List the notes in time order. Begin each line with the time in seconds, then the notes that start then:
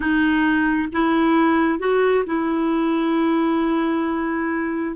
0.00 D#4
0.92 E4
1.79 F#4
2.26 E4